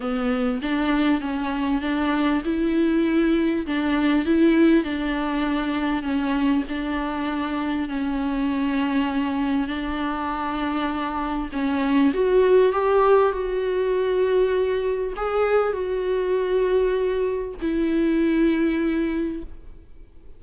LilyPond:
\new Staff \with { instrumentName = "viola" } { \time 4/4 \tempo 4 = 99 b4 d'4 cis'4 d'4 | e'2 d'4 e'4 | d'2 cis'4 d'4~ | d'4 cis'2. |
d'2. cis'4 | fis'4 g'4 fis'2~ | fis'4 gis'4 fis'2~ | fis'4 e'2. | }